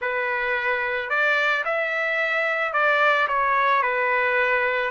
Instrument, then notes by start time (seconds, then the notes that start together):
trumpet
0.01 B4
1.09 D5
1.64 E5
2.73 D5
3.28 C#5
3.82 B4